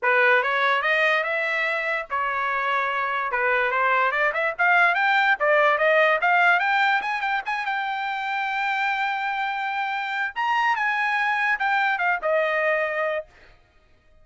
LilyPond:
\new Staff \with { instrumentName = "trumpet" } { \time 4/4 \tempo 4 = 145 b'4 cis''4 dis''4 e''4~ | e''4 cis''2. | b'4 c''4 d''8 e''8 f''4 | g''4 d''4 dis''4 f''4 |
g''4 gis''8 g''8 gis''8 g''4.~ | g''1~ | g''4 ais''4 gis''2 | g''4 f''8 dis''2~ dis''8 | }